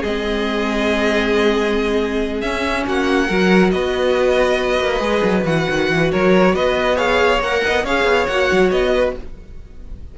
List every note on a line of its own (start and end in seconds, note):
0.00 2.42 G#3
0.00 2.43 C4
0.00 2.83 G#4
0.00 2.40 D#5
2.40 2.86 C#4
2.40 3.29 C#4
2.40 2.84 E5
2.86 3.29 A#3
2.86 3.27 F#4
2.86 3.71 F#5
3.27 3.73 F#3
3.27 4.99 F#4
3.27 3.71 A#4
3.71 4.79 B3
3.71 6.11 B4
3.71 5.45 D#5
4.79 5.00 A#3
4.99 5.21 G#3
4.99 5.43 G#4
5.23 5.45 F#3
5.45 5.66 E3
5.45 6.96 F#4
5.45 6.11 F#5
5.69 5.90 D#3
5.90 6.11 E3
6.11 6.54 F#3
6.11 6.54 A#4
6.11 6.55 C#5
6.54 7.40 B3
6.54 6.96 B4
6.54 6.98 D#5
6.96 7.39 G#4
6.96 7.61 C#5
6.96 7.41 F5
7.40 7.61 A#3
7.40 7.86 A#4
7.40 7.85 F#5
7.65 7.84 B3
7.65 7.84 D#5
7.84 8.04 C#4
7.84 8.30 G#4
7.84 8.93 C#5
7.84 8.27 F5
8.04 8.26 B3
8.27 8.50 A#3
8.27 9.18 F#4
8.27 8.70 F#5
8.52 8.71 F#3
8.71 9.14 B3
8.71 9.14 D#5
8.94 9.16 B4